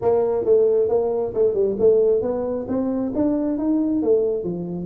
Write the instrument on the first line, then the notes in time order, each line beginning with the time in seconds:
tuba
0.01 A#3
0.44 A3
0.88 A#3
1.34 A3
1.54 G3
1.79 A3
2.21 B3
2.68 C4
3.14 D4
3.58 D#4
4.02 A3
4.43 F3